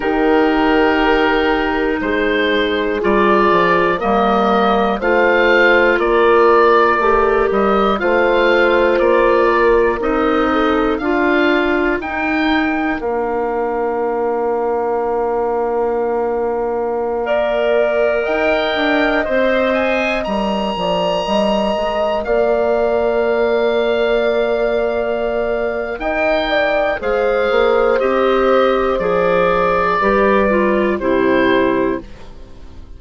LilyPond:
<<
  \new Staff \with { instrumentName = "oboe" } { \time 4/4 \tempo 4 = 60 ais'2 c''4 d''4 | dis''4 f''4 d''4. dis''8 | f''4 d''4 dis''4 f''4 | g''4 f''2.~ |
f''2~ f''16 g''4 c''8 gis''16~ | gis''16 ais''2 f''4.~ f''16~ | f''2 g''4 f''4 | dis''4 d''2 c''4 | }
  \new Staff \with { instrumentName = "horn" } { \time 4/4 g'2 gis'2 | ais'4 c''4 ais'2 | c''4. ais'4 a'8 ais'4~ | ais'1~ |
ais'4~ ais'16 d''4 dis''4.~ dis''16~ | dis''8. d''8 dis''4 d''4.~ d''16~ | d''2 dis''8 d''8 c''4~ | c''2 b'4 g'4 | }
  \new Staff \with { instrumentName = "clarinet" } { \time 4/4 dis'2. f'4 | ais4 f'2 g'4 | f'2 dis'4 f'4 | dis'4 d'2.~ |
d'4~ d'16 ais'2 c''8.~ | c''16 ais'2.~ ais'8.~ | ais'2. gis'4 | g'4 gis'4 g'8 f'8 e'4 | }
  \new Staff \with { instrumentName = "bassoon" } { \time 4/4 dis2 gis4 g8 f8 | g4 a4 ais4 a8 g8 | a4 ais4 c'4 d'4 | dis'4 ais2.~ |
ais2~ ais16 dis'8 d'8 c'8.~ | c'16 g8 f8 g8 gis8 ais4.~ ais16~ | ais2 dis'4 gis8 ais8 | c'4 f4 g4 c4 | }
>>